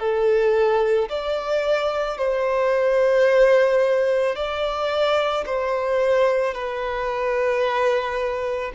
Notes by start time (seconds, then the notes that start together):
0.00 A4
1.10 D5
2.18 C5
4.36 D5
5.46 C5
6.54 B4